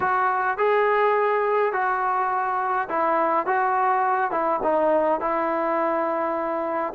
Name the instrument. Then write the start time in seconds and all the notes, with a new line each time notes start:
trombone
0.00 F#4
0.57 G#4
1.73 F#4
2.88 E4
3.46 F#4
4.31 E4
4.63 D#4
5.20 E4